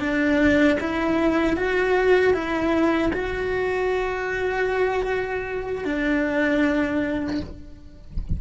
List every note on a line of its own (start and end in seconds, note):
0.00 0.78 D4
0.80 1.57 E4
1.57 2.34 F#4
2.34 3.12 E4
3.13 5.85 F#4
5.85 7.41 D4